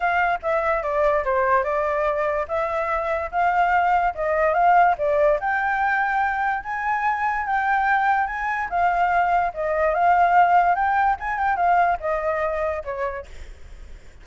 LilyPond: \new Staff \with { instrumentName = "flute" } { \time 4/4 \tempo 4 = 145 f''4 e''4 d''4 c''4 | d''2 e''2 | f''2 dis''4 f''4 | d''4 g''2. |
gis''2 g''2 | gis''4 f''2 dis''4 | f''2 g''4 gis''8 g''8 | f''4 dis''2 cis''4 | }